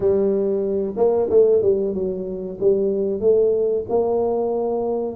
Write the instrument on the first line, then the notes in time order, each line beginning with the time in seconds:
tuba
0.00 G3
0.96 A#3
1.30 A3
1.62 G3
1.94 F#3
2.60 G3
3.20 A3
3.89 A#3